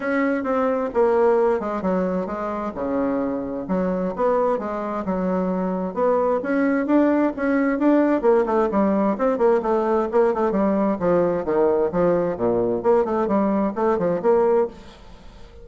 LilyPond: \new Staff \with { instrumentName = "bassoon" } { \time 4/4 \tempo 4 = 131 cis'4 c'4 ais4. gis8 | fis4 gis4 cis2 | fis4 b4 gis4 fis4~ | fis4 b4 cis'4 d'4 |
cis'4 d'4 ais8 a8 g4 | c'8 ais8 a4 ais8 a8 g4 | f4 dis4 f4 ais,4 | ais8 a8 g4 a8 f8 ais4 | }